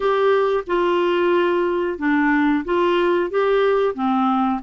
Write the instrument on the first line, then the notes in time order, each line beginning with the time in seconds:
clarinet
0.00 G4
0.66 F4
1.98 D4
2.64 F4
3.30 G4
3.94 C4